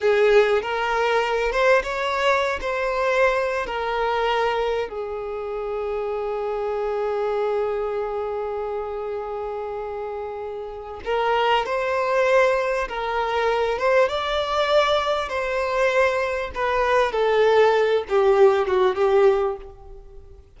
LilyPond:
\new Staff \with { instrumentName = "violin" } { \time 4/4 \tempo 4 = 98 gis'4 ais'4. c''8 cis''4~ | cis''16 c''4.~ c''16 ais'2 | gis'1~ | gis'1~ |
gis'2 ais'4 c''4~ | c''4 ais'4. c''8 d''4~ | d''4 c''2 b'4 | a'4. g'4 fis'8 g'4 | }